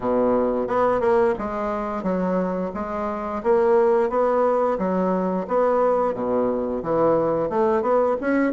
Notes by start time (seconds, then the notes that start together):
0.00 B2
0.67 B3
1.00 A#3
1.38 G#3
2.03 F#3
2.74 G#3
3.43 A#3
4.09 B3
4.78 F#3
5.47 B3
6.14 B2
6.82 E3
7.49 A3
7.82 B3
8.20 C#4